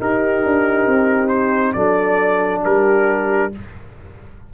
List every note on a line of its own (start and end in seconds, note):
0.00 1.76 D#4
0.00 0.45 D#4
0.00 1.76 G4
0.00 1.29 A#4
0.45 0.87 D4
0.87 1.75 C4
1.29 1.73 C5
1.74 2.63 F#3
1.74 3.53 D4
1.74 2.63 A4
1.74 2.62 D5
2.63 3.54 G3
2.63 3.51 G4
2.63 3.53 A#4